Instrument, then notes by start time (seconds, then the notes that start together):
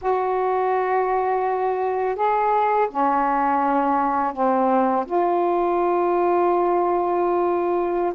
saxophone
0.01 F#4
2.15 G#4
2.90 C#4
4.33 C4
5.06 F4